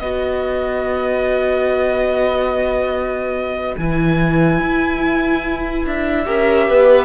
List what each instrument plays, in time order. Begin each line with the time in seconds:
0.00 cello B3, viola F#4, violin B4 D#5
3.78 cello E3, viola E4, violin G#5
4.60 cello E4
5.86 cello D4, violin E5
6.26 cello C#4, viola G4, violin A#4
6.69 cello B3, violin B4